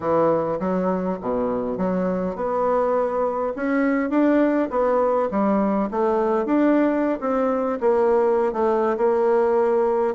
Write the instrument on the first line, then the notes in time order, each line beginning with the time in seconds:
bassoon
0.00 E3
0.59 F#3
1.21 B2
1.77 F#3
2.35 B3
3.56 C#4
4.10 D4
4.70 B3
5.30 G3
5.91 A3
6.45 D4
7.20 C4
7.80 A#3
8.52 A3
8.97 A#3